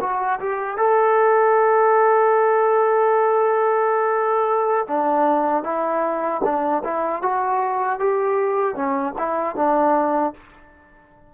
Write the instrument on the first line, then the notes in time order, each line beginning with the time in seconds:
trombone
0.00 F#4
0.39 G4
0.77 A4
4.87 D4
5.63 E4
6.44 D4
6.84 E4
7.22 F#4
7.99 G4
8.75 C#4
9.18 E4
9.55 D4